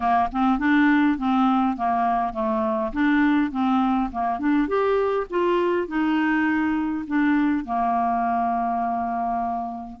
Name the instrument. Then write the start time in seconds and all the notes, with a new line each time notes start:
clarinet
0.00 A#3
0.32 C4
0.59 D4
1.18 C4
1.76 A#3
2.33 A3
2.92 D4
3.51 C4
4.11 A#3
4.39 D4
4.67 G4
5.30 F4
5.87 D#4
7.07 D4
7.65 A#3